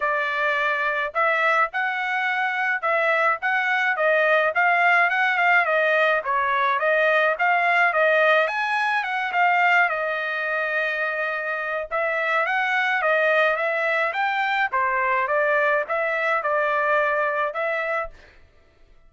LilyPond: \new Staff \with { instrumentName = "trumpet" } { \time 4/4 \tempo 4 = 106 d''2 e''4 fis''4~ | fis''4 e''4 fis''4 dis''4 | f''4 fis''8 f''8 dis''4 cis''4 | dis''4 f''4 dis''4 gis''4 |
fis''8 f''4 dis''2~ dis''8~ | dis''4 e''4 fis''4 dis''4 | e''4 g''4 c''4 d''4 | e''4 d''2 e''4 | }